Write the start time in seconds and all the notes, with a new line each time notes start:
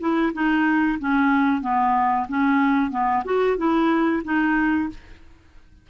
0.00 E4
0.33 D#4
1.00 C#4
1.62 B3
2.29 C#4
2.91 B3
3.25 F#4
3.58 E4
4.25 D#4